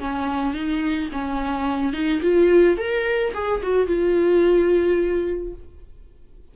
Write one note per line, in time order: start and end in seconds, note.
0.00 0.54 C#4
0.54 1.09 D#4
1.12 1.93 C#4
1.93 2.21 D#4
2.22 2.78 F4
2.78 3.33 A#4
3.34 3.62 G#4
3.63 3.87 F#4
3.87 5.54 F4